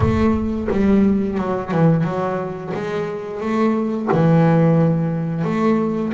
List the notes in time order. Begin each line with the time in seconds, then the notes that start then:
0.00 A3
0.71 G3
1.38 F#3
1.71 E3
2.04 F#3
2.73 G#3
3.40 A3
4.12 E3
5.44 A3